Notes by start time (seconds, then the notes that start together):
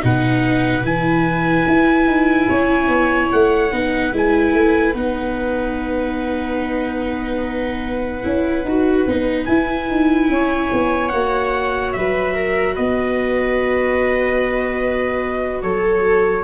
0.00 B2 D#4 B4 F#5
0.83 E3 E4 G#5
1.67 E4
2.06 D#4
2.49 C#4 C#5
2.88 B3
3.32 A3 F#5
3.72 B3 D#4 B4
4.13 G#3 E4 G#5
4.54 A3
4.94 B3 D#4 F#5
8.23 C#4 E4
8.65 D#4 F#4
9.07 B3 D#4
9.45 E4 G#5
9.89 D#4
10.29 C#4 C#5
10.72 B3
11.09 A#3 F#4 F#5
11.93 F#3 B4 E5
12.34 A#4
12.75 B3 B4 D#5
15.62 F#3 A4 C#5